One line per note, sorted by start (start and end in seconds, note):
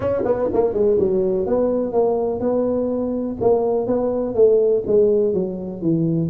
0.00 0.22 C#4
0.24 0.48 B3
0.53 0.73 A#3
0.73 0.97 G#3
0.99 1.46 F#3
1.46 1.92 B3
1.92 2.40 A#3
2.40 3.36 B3
3.40 3.86 A#3
3.86 4.34 B3
4.34 4.83 A3
4.86 5.33 G#3
5.33 5.81 F#3
5.81 6.29 E3